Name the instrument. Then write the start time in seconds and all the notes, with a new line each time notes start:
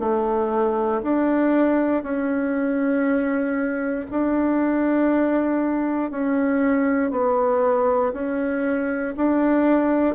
bassoon
0.00 A3
1.03 D4
2.03 C#4
4.10 D4
6.11 C#4
7.11 B3
8.13 C#4
9.17 D4